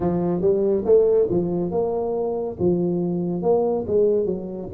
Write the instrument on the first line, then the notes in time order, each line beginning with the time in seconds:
tuba
0.00 F3
0.41 G3
0.85 A3
1.29 F3
1.71 A#3
2.59 F3
3.42 A#3
3.86 G#3
4.25 F#3